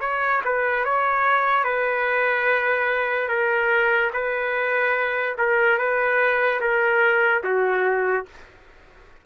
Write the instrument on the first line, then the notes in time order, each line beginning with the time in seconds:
trumpet
0.00 C#5
0.44 B4
0.84 C#5
1.64 B4
3.28 A#4
4.13 B4
5.38 A#4
5.78 B4
6.60 A#4
7.43 F#4